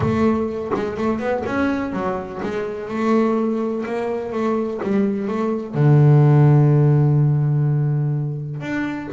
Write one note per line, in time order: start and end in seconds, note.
0.00 0.71 A3
0.74 0.97 G#3
0.97 1.19 A3
1.19 1.43 B3
1.46 1.92 C#4
1.92 2.40 F#3
2.42 2.88 G#3
2.88 3.84 A3
3.85 4.32 A#3
4.32 4.80 A3
4.82 5.27 G3
5.27 5.74 A3
5.74 8.61 D3
8.61 9.09 D4